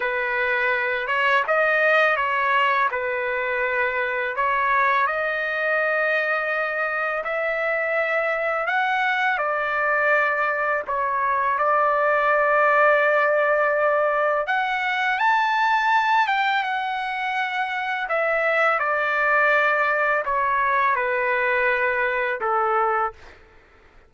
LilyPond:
\new Staff \with { instrumentName = "trumpet" } { \time 4/4 \tempo 4 = 83 b'4. cis''8 dis''4 cis''4 | b'2 cis''4 dis''4~ | dis''2 e''2 | fis''4 d''2 cis''4 |
d''1 | fis''4 a''4. g''8 fis''4~ | fis''4 e''4 d''2 | cis''4 b'2 a'4 | }